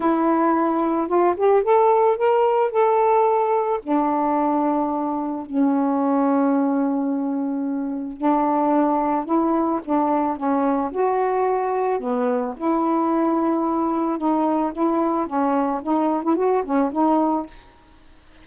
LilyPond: \new Staff \with { instrumentName = "saxophone" } { \time 4/4 \tempo 4 = 110 e'2 f'8 g'8 a'4 | ais'4 a'2 d'4~ | d'2 cis'2~ | cis'2. d'4~ |
d'4 e'4 d'4 cis'4 | fis'2 b4 e'4~ | e'2 dis'4 e'4 | cis'4 dis'8. e'16 fis'8 cis'8 dis'4 | }